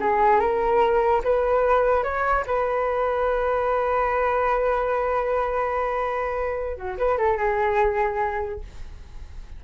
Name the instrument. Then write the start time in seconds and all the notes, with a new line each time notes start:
flute
0.00 G#4
0.40 A#4
1.24 B4
2.03 C#5
2.47 B4
6.77 F#4
6.98 B4
7.18 A4
7.37 G#4